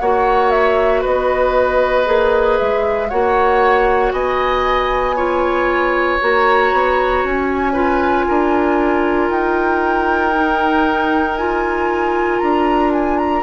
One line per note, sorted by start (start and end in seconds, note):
0.00 1.05 A#3
0.00 2.06 F#4
0.00 1.02 C#5
0.00 0.51 F#5
0.51 1.03 E5
1.02 2.08 B3
1.02 3.09 B4
1.02 2.59 D#5
2.06 2.60 A#3
2.06 3.09 G#4
2.59 3.12 G#3
2.59 3.09 E5
3.09 4.13 A#3
3.09 5.17 F#4
3.09 4.13 C#5
3.09 4.13 F#5
4.13 6.20 B3
4.13 5.16 D#5
4.13 6.20 G#5
5.16 6.20 F4
5.16 7.74 C#5
6.21 6.73 A#3
6.21 7.74 F#4
6.21 7.26 A#5
6.73 7.24 B3
7.24 8.28 C#4
7.24 9.31 G#5
7.74 10.33 F4
7.74 8.25 B4
8.28 9.30 D4
8.28 13.44 A#4
9.30 12.41 D#4
9.30 11.37 G5
10.34 11.37 D#4
11.37 13.44 F4
11.37 12.39 G#5
12.39 13.44 D4
12.39 12.91 A#5
12.93 13.18 G#5
13.18 13.44 A#5